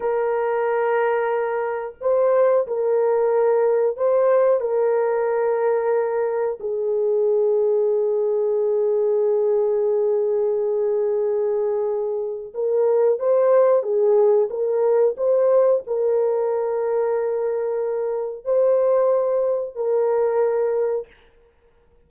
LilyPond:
\new Staff \with { instrumentName = "horn" } { \time 4/4 \tempo 4 = 91 ais'2. c''4 | ais'2 c''4 ais'4~ | ais'2 gis'2~ | gis'1~ |
gis'2. ais'4 | c''4 gis'4 ais'4 c''4 | ais'1 | c''2 ais'2 | }